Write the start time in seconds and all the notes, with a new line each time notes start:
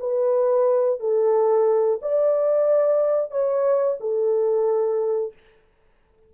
0.00 B4
1.00 A4
2.02 D5
3.31 C#5
4.00 A4